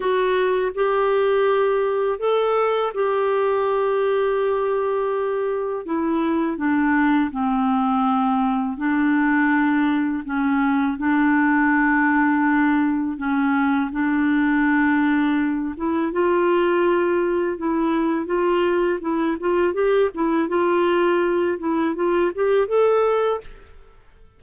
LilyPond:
\new Staff \with { instrumentName = "clarinet" } { \time 4/4 \tempo 4 = 82 fis'4 g'2 a'4 | g'1 | e'4 d'4 c'2 | d'2 cis'4 d'4~ |
d'2 cis'4 d'4~ | d'4. e'8 f'2 | e'4 f'4 e'8 f'8 g'8 e'8 | f'4. e'8 f'8 g'8 a'4 | }